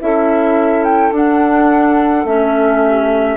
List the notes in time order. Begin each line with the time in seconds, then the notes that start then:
0.00 C#4 E4 A4 E5
0.84 G5
1.12 D4 F#5
2.25 A3 C#4 E5
2.84 G4